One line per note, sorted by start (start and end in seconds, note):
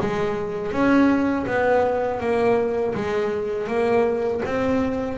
0.00 0.71 G#3
0.71 1.45 C#4
1.46 2.20 B3
2.20 2.94 A#3
2.95 3.67 G#3
3.67 4.41 A#3
4.45 5.18 C4